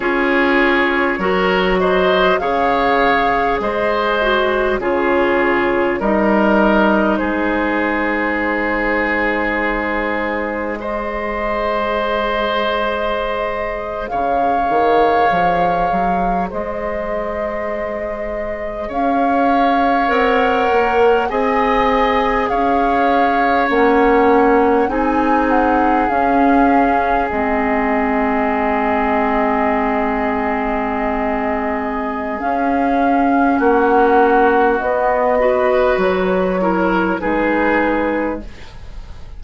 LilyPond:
<<
  \new Staff \with { instrumentName = "flute" } { \time 4/4 \tempo 4 = 50 cis''4. dis''8 f''4 dis''4 | cis''4 dis''4 c''2~ | c''4 dis''2~ dis''8. f''16~ | f''4.~ f''16 dis''2 f''16~ |
f''8. fis''4 gis''4 f''4 fis''16~ | fis''8. gis''8 fis''8 f''4 dis''4~ dis''16~ | dis''2. f''4 | fis''4 dis''4 cis''4 b'4 | }
  \new Staff \with { instrumentName = "oboe" } { \time 4/4 gis'4 ais'8 c''8 cis''4 c''4 | gis'4 ais'4 gis'2~ | gis'4 c''2~ c''8. cis''16~ | cis''4.~ cis''16 c''2 cis''16~ |
cis''4.~ cis''16 dis''4 cis''4~ cis''16~ | cis''8. gis'2.~ gis'16~ | gis'1 | fis'4. b'4 ais'8 gis'4 | }
  \new Staff \with { instrumentName = "clarinet" } { \time 4/4 f'4 fis'4 gis'4. fis'8 | f'4 dis'2.~ | dis'4 gis'2.~ | gis'1~ |
gis'8. ais'4 gis'2 cis'16~ | cis'8. dis'4 cis'4 c'4~ c'16~ | c'2. cis'4~ | cis'4 b8 fis'4 e'8 dis'4 | }
  \new Staff \with { instrumentName = "bassoon" } { \time 4/4 cis'4 fis4 cis4 gis4 | cis4 g4 gis2~ | gis2.~ gis8. cis16~ | cis16 dis8 f8 fis8 gis2 cis'16~ |
cis'8. c'8 ais8 c'4 cis'4 ais16~ | ais8. c'4 cis'4 gis4~ gis16~ | gis2. cis'4 | ais4 b4 fis4 gis4 | }
>>